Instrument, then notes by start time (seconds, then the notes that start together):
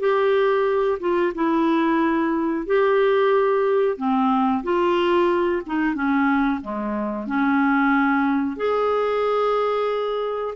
clarinet
0.00 G4
1.00 F4
1.35 E4
2.66 G4
3.97 C4
4.64 F4
5.66 D#4
5.95 C#4
6.62 G#3
7.27 C#4
8.57 G#4